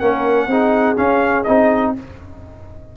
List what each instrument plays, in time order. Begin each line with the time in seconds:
0.00 tuba A#3, trombone C#4, horn A#4, trumpet F#5
0.47 tuba C4, trombone D#4, horn G#4
0.97 trombone C#4, tuba C#4, trumpet F5
1.44 tuba C4, trombone D#4, trumpet D#5